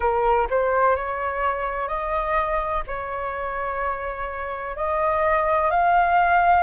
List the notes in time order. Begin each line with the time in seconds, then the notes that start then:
0.00 A#4
0.49 C5
0.96 C#5
1.87 D#5
2.87 C#5
4.76 D#5
5.70 F5